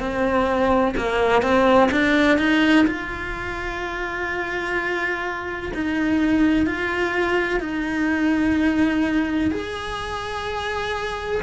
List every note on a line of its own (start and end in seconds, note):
0.00 0.95 C4
0.97 1.42 A#3
1.42 1.90 C4
1.92 2.39 D4
2.39 2.87 D#4
2.87 5.73 F4
5.75 6.67 D#4
6.67 7.61 F4
7.61 9.51 D#4
9.52 11.42 G#4